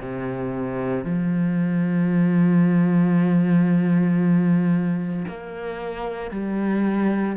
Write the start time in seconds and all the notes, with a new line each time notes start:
0.00 C3
1.04 F3
5.28 A#3
6.31 G3